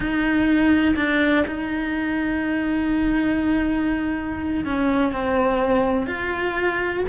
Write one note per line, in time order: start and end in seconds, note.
0.00 0.94 D#4
0.96 1.45 D4
1.47 4.64 D#4
4.64 5.12 C#4
5.12 6.06 C4
6.06 7.04 F4